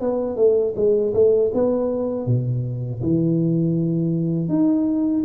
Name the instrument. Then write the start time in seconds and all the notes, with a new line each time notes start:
tuba
0.00 B3
0.36 A3
0.76 G#3
1.14 A3
1.53 B3
2.26 B2
3.02 E3
4.48 D#4